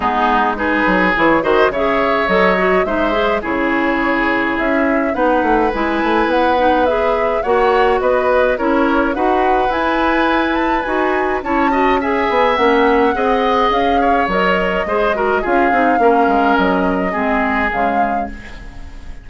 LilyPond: <<
  \new Staff \with { instrumentName = "flute" } { \time 4/4 \tempo 4 = 105 gis'4 b'4 cis''8 dis''8 e''4 | dis''4 e''4 cis''2 | e''4 fis''4 gis''4 fis''4 | e''4 fis''4 dis''4 cis''4 |
fis''4 gis''4. a''8 gis''4 | a''4 gis''4 fis''2 | f''4 dis''2 f''4~ | f''4 dis''2 f''4 | }
  \new Staff \with { instrumentName = "oboe" } { \time 4/4 dis'4 gis'4. c''8 cis''4~ | cis''4 c''4 gis'2~ | gis'4 b'2.~ | b'4 cis''4 b'4 ais'4 |
b'1 | cis''8 dis''8 e''2 dis''4~ | dis''8 cis''4. c''8 ais'8 gis'4 | ais'2 gis'2 | }
  \new Staff \with { instrumentName = "clarinet" } { \time 4/4 b4 dis'4 e'8 fis'8 gis'4 | a'8 fis'8 dis'8 gis'8 e'2~ | e'4 dis'4 e'4. dis'8 | gis'4 fis'2 e'4 |
fis'4 e'2 fis'4 | e'8 fis'8 gis'4 cis'4 gis'4~ | gis'4 ais'4 gis'8 fis'8 f'8 dis'8 | cis'2 c'4 gis4 | }
  \new Staff \with { instrumentName = "bassoon" } { \time 4/4 gis4. fis8 e8 dis8 cis4 | fis4 gis4 cis2 | cis'4 b8 a8 gis8 a8 b4~ | b4 ais4 b4 cis'4 |
dis'4 e'2 dis'4 | cis'4. b8 ais4 c'4 | cis'4 fis4 gis4 cis'8 c'8 | ais8 gis8 fis4 gis4 cis4 | }
>>